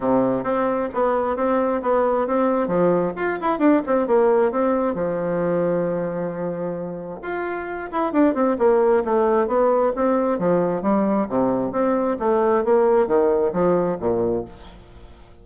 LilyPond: \new Staff \with { instrumentName = "bassoon" } { \time 4/4 \tempo 4 = 133 c4 c'4 b4 c'4 | b4 c'4 f4 f'8 e'8 | d'8 c'8 ais4 c'4 f4~ | f1 |
f'4. e'8 d'8 c'8 ais4 | a4 b4 c'4 f4 | g4 c4 c'4 a4 | ais4 dis4 f4 ais,4 | }